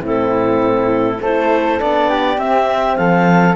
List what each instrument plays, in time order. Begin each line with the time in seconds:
0.00 cello A2, horn C4, flute E4, clarinet A4
1.21 cello A3, horn E4, flute A4, clarinet C5
1.80 cello B3, horn D4, clarinet D5
2.09 flute G4
2.37 cello C4, horn C4, clarinet E5
2.96 cello F3, flute A4, clarinet F5